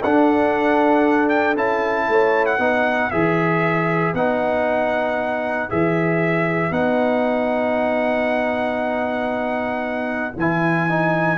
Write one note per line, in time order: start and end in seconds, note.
0.00 1.56 D4
0.00 2.07 A4
0.00 1.29 F#5
1.29 1.55 G5
1.56 2.08 C#4
1.56 2.59 E4
1.56 2.46 A5
2.08 2.58 A3
2.08 2.60 C#5
2.46 3.10 F#5
2.58 3.10 B3
2.58 3.11 D#4
2.58 11.37 B4
3.10 4.13 E3
3.10 4.15 G#4
3.10 4.14 E5
4.13 5.69 B3
4.13 5.69 D#4
4.13 5.70 F#5
5.69 6.70 E3
5.69 6.72 G#4
5.69 6.72 E5
6.70 10.32 B3
6.70 10.34 D#4
6.70 10.34 F#5
10.36 11.37 E3
10.36 10.89 E4
10.36 11.37 G#5
10.89 11.37 D#4